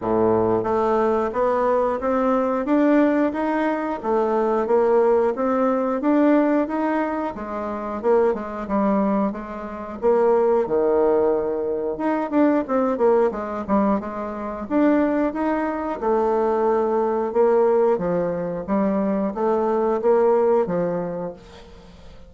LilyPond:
\new Staff \with { instrumentName = "bassoon" } { \time 4/4 \tempo 4 = 90 a,4 a4 b4 c'4 | d'4 dis'4 a4 ais4 | c'4 d'4 dis'4 gis4 | ais8 gis8 g4 gis4 ais4 |
dis2 dis'8 d'8 c'8 ais8 | gis8 g8 gis4 d'4 dis'4 | a2 ais4 f4 | g4 a4 ais4 f4 | }